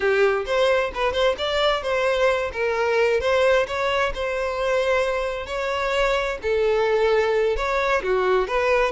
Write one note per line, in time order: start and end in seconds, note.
0.00 0.45 G4
0.45 0.91 C5
0.94 1.12 B4
1.12 1.35 C5
1.37 1.82 D5
1.82 2.51 C5
2.53 3.20 A#4
3.20 3.66 C5
3.67 4.12 C#5
4.14 5.46 C5
5.46 6.38 C#5
6.42 7.56 A4
7.56 8.02 C#5
8.03 8.47 F#4
8.47 8.92 B4